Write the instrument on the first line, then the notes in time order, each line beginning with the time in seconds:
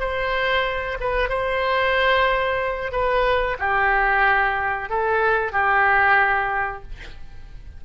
oboe
0.00 C5
1.00 B4
1.29 C5
2.92 B4
3.59 G4
4.89 A4
5.52 G4